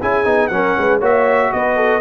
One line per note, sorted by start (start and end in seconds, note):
0.00 0.26 C#4
0.00 0.25 E4
0.00 0.50 G#4
0.00 0.47 G#5
0.25 0.50 B3
0.25 0.50 D#4
0.47 0.75 F#3
0.47 1.01 C#4
0.47 0.78 A#4
0.47 0.98 F#5
0.78 1.01 G#3
0.78 0.99 B4
0.99 1.52 A#3
0.99 2.01 F#4
0.99 1.50 C#5
0.99 1.53 E5
1.53 2.01 B3
1.53 1.76 B4
1.53 2.01 D#5
1.76 2.01 A4